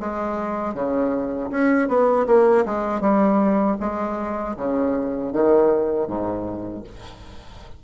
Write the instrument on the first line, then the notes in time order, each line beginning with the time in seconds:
bassoon
0.00 G#3
0.75 C#3
1.51 C#4
1.88 B3
2.27 A#3
2.66 G#3
3.01 G3
3.81 G#3
4.57 C#3
5.33 D#3
6.08 G#2